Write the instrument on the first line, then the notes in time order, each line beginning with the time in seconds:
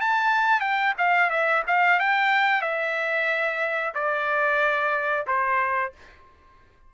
trumpet
0.00 A5
0.60 G5
0.98 F5
1.29 E5
1.67 F5
1.99 G5
2.61 E5
3.94 D5
5.26 C5